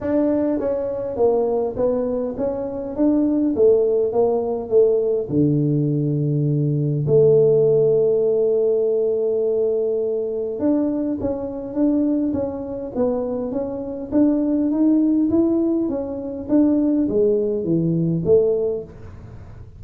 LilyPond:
\new Staff \with { instrumentName = "tuba" } { \time 4/4 \tempo 4 = 102 d'4 cis'4 ais4 b4 | cis'4 d'4 a4 ais4 | a4 d2. | a1~ |
a2 d'4 cis'4 | d'4 cis'4 b4 cis'4 | d'4 dis'4 e'4 cis'4 | d'4 gis4 e4 a4 | }